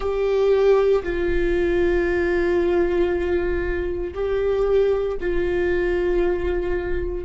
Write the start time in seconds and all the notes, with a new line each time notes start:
0.00 G4
1.03 F4
4.14 G4
5.20 F4